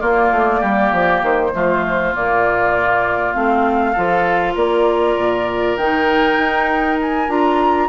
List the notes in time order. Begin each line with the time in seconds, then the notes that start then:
0.00 A#3 F4 D5
0.31 A3
0.60 G3 G4
0.92 F3
1.22 D#3 C5
1.53 F3 A3 F4
2.13 A#2 A#3 D5
3.33 A3 C4 F5
3.92 F3 F4 A4
4.54 A#3 A#4 D5
5.16 A#2
5.77 D#3 D#4 G5
6.38 D#4
7.02 G#5
7.28 D4 F4 A#5